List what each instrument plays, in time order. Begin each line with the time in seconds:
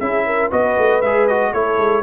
0.00 tuba C#4, trombone E4, horn G#4, trumpet E5
0.26 horn A#4
0.51 tuba B3, trombone F#4, horn B4, trumpet D#5
0.78 tuba A3
1.02 tuba G#3, trombone G#4, trumpet E5
1.28 trombone F#4, trumpet D#5
1.53 tuba A3, trombone E4, horn A4, trumpet C#5
1.78 tuba G#3